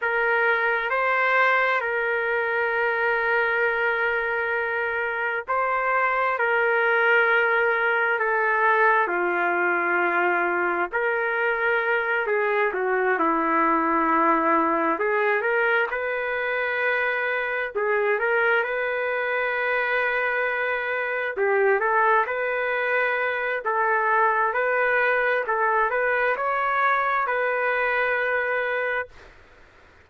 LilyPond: \new Staff \with { instrumentName = "trumpet" } { \time 4/4 \tempo 4 = 66 ais'4 c''4 ais'2~ | ais'2 c''4 ais'4~ | ais'4 a'4 f'2 | ais'4. gis'8 fis'8 e'4.~ |
e'8 gis'8 ais'8 b'2 gis'8 | ais'8 b'2. g'8 | a'8 b'4. a'4 b'4 | a'8 b'8 cis''4 b'2 | }